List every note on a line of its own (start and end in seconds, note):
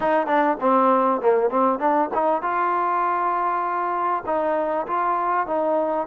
0.00 0.26 D#4
0.26 0.57 D4
0.60 1.21 C4
1.21 1.50 A#3
1.50 1.79 C4
1.79 2.09 D4
2.13 2.41 D#4
2.41 4.23 F4
4.26 4.86 D#4
4.86 5.46 F4
5.46 6.07 D#4